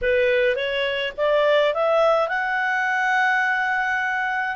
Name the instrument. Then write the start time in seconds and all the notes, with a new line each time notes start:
clarinet
0.01 B4
0.55 C#5
1.17 D5
1.74 E5
2.28 F#5